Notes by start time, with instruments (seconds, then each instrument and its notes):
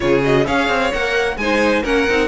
0.00 cello C#3, viola F4, violin G#4 C#5
0.22 viola F#4, violin D#5
0.45 cello C#4, viola G#4, violin C#5 F5
0.68 cello C4
0.92 cello A#3, viola A#4, violin F#5
1.37 cello G#3, viola D#4, violin C5 G#5
1.82 cello A#3, viola C#4, violin A#4 F#5
2.08 cello C4, viola D#4